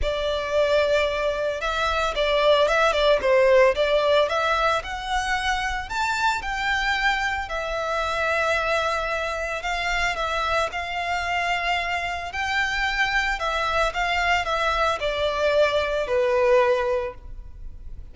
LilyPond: \new Staff \with { instrumentName = "violin" } { \time 4/4 \tempo 4 = 112 d''2. e''4 | d''4 e''8 d''8 c''4 d''4 | e''4 fis''2 a''4 | g''2 e''2~ |
e''2 f''4 e''4 | f''2. g''4~ | g''4 e''4 f''4 e''4 | d''2 b'2 | }